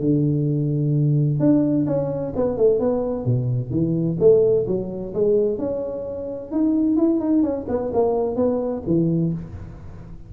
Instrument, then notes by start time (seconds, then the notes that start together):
tuba
0.00 D3
1.40 D4
1.87 C#4
2.36 B3
2.57 A3
2.79 B3
3.25 B2
3.70 E3
4.19 A3
4.67 F#3
5.14 G#3
5.59 C#4
6.51 D#4
6.97 E4
7.20 D#4
7.43 C#4
7.68 B3
7.93 A#3
8.36 B3
8.87 E3